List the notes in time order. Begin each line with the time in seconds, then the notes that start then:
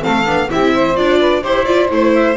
0.00 C4 A4 F5
0.06 A3
0.25 B3 D4
0.50 C4 E4 G4 E5
0.74 C5
0.96 D4 F4 D5
1.20 B4
1.41 E4 G4 C5
1.65 F4 D5
1.89 A3 E4 C5
2.14 E5